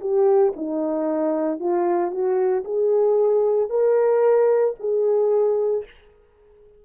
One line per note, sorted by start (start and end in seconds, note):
0.00 0.53 G4
0.56 1.59 D#4
1.59 2.11 F4
2.11 2.63 F#4
2.64 3.69 G#4
3.69 4.74 A#4
4.79 5.85 G#4